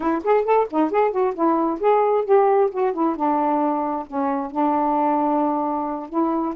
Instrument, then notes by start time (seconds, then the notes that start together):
saxophone
0.00 E4
0.23 G#4
0.44 A4
0.70 D#4
0.90 G#4
1.11 F#4
1.34 E4
1.79 G#4
2.24 G4
2.71 F#4
2.93 E4
3.16 D4
4.06 C#4
4.51 D4
6.09 E4